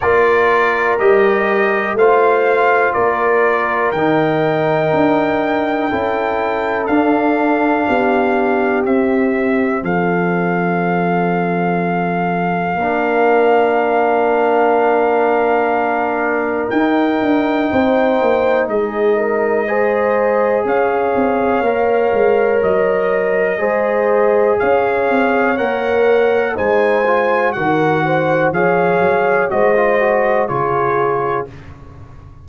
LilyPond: <<
  \new Staff \with { instrumentName = "trumpet" } { \time 4/4 \tempo 4 = 61 d''4 dis''4 f''4 d''4 | g''2. f''4~ | f''4 e''4 f''2~ | f''1~ |
f''4 g''2 dis''4~ | dis''4 f''2 dis''4~ | dis''4 f''4 fis''4 gis''4 | fis''4 f''4 dis''4 cis''4 | }
  \new Staff \with { instrumentName = "horn" } { \time 4/4 ais'2 c''4 ais'4~ | ais'2 a'2 | g'2 a'2~ | a'4 ais'2.~ |
ais'2 c''4 gis'8 ais'8 | c''4 cis''2. | c''4 cis''2 c''4 | ais'8 c''8 cis''4 c''4 gis'4 | }
  \new Staff \with { instrumentName = "trombone" } { \time 4/4 f'4 g'4 f'2 | dis'2 e'4 d'4~ | d'4 c'2.~ | c'4 d'2.~ |
d'4 dis'2. | gis'2 ais'2 | gis'2 ais'4 dis'8 f'8 | fis'4 gis'4 fis'16 f'16 fis'8 f'4 | }
  \new Staff \with { instrumentName = "tuba" } { \time 4/4 ais4 g4 a4 ais4 | dis4 d'4 cis'4 d'4 | b4 c'4 f2~ | f4 ais2.~ |
ais4 dis'8 d'8 c'8 ais8 gis4~ | gis4 cis'8 c'8 ais8 gis8 fis4 | gis4 cis'8 c'8 ais4 gis4 | dis4 f8 fis8 gis4 cis4 | }
>>